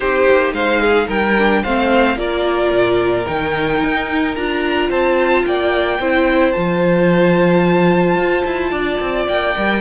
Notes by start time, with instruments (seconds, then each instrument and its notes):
0.00 cello C4, viola D#4, violin G4 C5
0.30 cello A#3
0.52 cello G#3, violin C5 F5
0.81 violin G#4
1.07 cello G3, violin A#4 G5
1.38 viola D4
1.62 cello A3, viola C4, violin C5 F5
2.16 cello A#3, viola F4, violin A#4 D5
2.71 cello A#2
3.26 cello D#3, viola D#4, violin G5
3.83 cello D#4
4.35 cello D4, viola F4, violin A#5
4.89 cello C4, violin C5 A5
5.46 cello A#3, violin D5 G5
5.99 cello C4, viola E4, violin C5
6.51 cello F3, viola F4, violin A5
8.16 cello F4
8.45 cello E4
8.71 cello D4, violin D5
9.00 cello C4
9.28 cello A#3, violin G5
9.55 cello G3, viola A#4